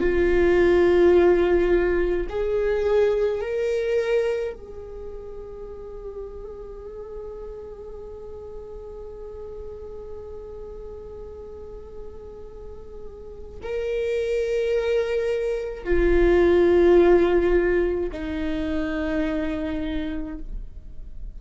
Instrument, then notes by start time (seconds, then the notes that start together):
viola
0.00 F4
2.29 G#4
3.41 A#4
4.53 G#4
13.63 A#4
15.84 F4
18.12 D#4